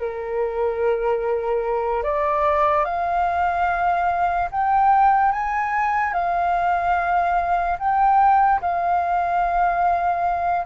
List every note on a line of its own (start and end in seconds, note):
0.00 2.04 A#4
2.04 2.85 D5
2.85 4.50 F5
4.52 5.32 G5
5.32 6.13 G#5
6.13 7.78 F5
7.79 8.61 G5
8.62 10.66 F5